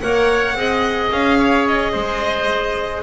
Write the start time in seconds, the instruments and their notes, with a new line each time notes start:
0.00 double bass A#3, clarinet A#4, oboe C#5, violin F#5
0.55 double bass C4, clarinet G#4, oboe D#5
1.11 double bass C#4, violin F5
1.39 oboe C#5
1.68 violin D#5
1.92 double bass G#3, oboe C5